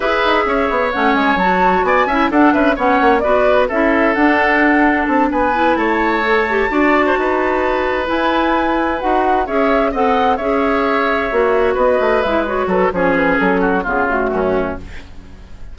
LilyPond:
<<
  \new Staff \with { instrumentName = "flute" } { \time 4/4 \tempo 4 = 130 e''2 fis''8 gis''8 a''4 | gis''4 fis''8 e''8 fis''4 d''4 | e''4 fis''2 a''8 gis''8~ | gis''8 a''2.~ a''8~ |
a''4. gis''2 fis''8~ | fis''8 e''4 fis''4 e''4.~ | e''4. dis''4 e''8 cis''8 b'8 | cis''8 b'8 a'4 gis'8 fis'4. | }
  \new Staff \with { instrumentName = "oboe" } { \time 4/4 b'4 cis''2. | d''8 e''8 a'8 b'8 cis''4 b'4 | a'2.~ a'8 b'8~ | b'8 cis''2 d''8. c''16 b'8~ |
b'1~ | b'8 cis''4 dis''4 cis''4.~ | cis''4. b'2 a'8 | gis'4. fis'8 f'4 cis'4 | }
  \new Staff \with { instrumentName = "clarinet" } { \time 4/4 gis'2 cis'4 fis'4~ | fis'8 e'8 d'4 cis'4 fis'4 | e'4 d'2. | e'4. a'8 g'8 fis'4.~ |
fis'4. e'2 fis'8~ | fis'8 gis'4 a'4 gis'4.~ | gis'8 fis'2 e'8 fis'4 | cis'2 b8 a4. | }
  \new Staff \with { instrumentName = "bassoon" } { \time 4/4 e'8 dis'8 cis'8 b8 a8 gis8 fis4 | b8 cis'8 d'8 cis'8 b8 ais8 b4 | cis'4 d'2 c'8 b8~ | b8 a2 d'4 dis'8~ |
dis'4. e'2 dis'8~ | dis'8 cis'4 c'4 cis'4.~ | cis'8 ais4 b8 a8 gis4 fis8 | f4 fis4 cis4 fis,4 | }
>>